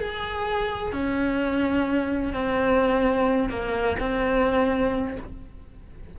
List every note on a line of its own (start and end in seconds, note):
0.00 0.92 G#4
0.92 2.33 C#4
2.33 3.50 C4
3.50 3.97 A#3
4.00 5.17 C4